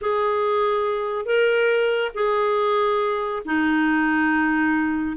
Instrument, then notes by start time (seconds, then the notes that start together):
clarinet
0.01 G#4
1.25 A#4
2.14 G#4
3.45 D#4